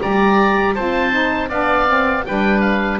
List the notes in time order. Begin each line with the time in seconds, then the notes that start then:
0.00 G3 G4 D5 A#5
0.75 C4 F4 C5 A5
1.11 D#4
1.49 B3 D4 D5 F5
1.87 C4
2.25 G3 D4 B4 G5
2.60 F5